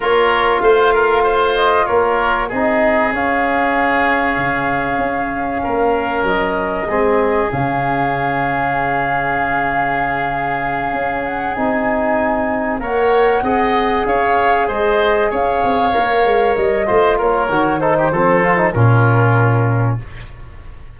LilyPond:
<<
  \new Staff \with { instrumentName = "flute" } { \time 4/4 \tempo 4 = 96 cis''4 f''4. dis''8 cis''4 | dis''4 f''2.~ | f''2 dis''2 | f''1~ |
f''2 fis''8 gis''4.~ | gis''8 fis''2 f''4 dis''8~ | dis''8 f''2 dis''4 cis''8~ | cis''8 c''4. ais'2 | }
  \new Staff \with { instrumentName = "oboe" } { \time 4/4 ais'4 c''8 ais'8 c''4 ais'4 | gis'1~ | gis'4 ais'2 gis'4~ | gis'1~ |
gis'1~ | gis'8 cis''4 dis''4 cis''4 c''8~ | c''8 cis''2~ cis''8 c''8 ais'8~ | ais'8 a'16 g'16 a'4 f'2 | }
  \new Staff \with { instrumentName = "trombone" } { \time 4/4 f'1 | dis'4 cis'2.~ | cis'2. c'4 | cis'1~ |
cis'2~ cis'8 dis'4.~ | dis'8 ais'4 gis'2~ gis'8~ | gis'4. ais'4. f'4 | fis'8 dis'8 c'8 f'16 dis'16 cis'2 | }
  \new Staff \with { instrumentName = "tuba" } { \time 4/4 ais4 a2 ais4 | c'4 cis'2 cis4 | cis'4 ais4 fis4 gis4 | cis1~ |
cis4. cis'4 c'4.~ | c'8 ais4 c'4 cis'4 gis8~ | gis8 cis'8 c'8 ais8 gis8 g8 a8 ais8 | dis4 f4 ais,2 | }
>>